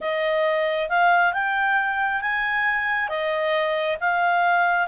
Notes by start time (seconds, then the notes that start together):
0.00 D#5
0.89 F5
1.33 G5
2.21 G#5
3.08 D#5
4.00 F5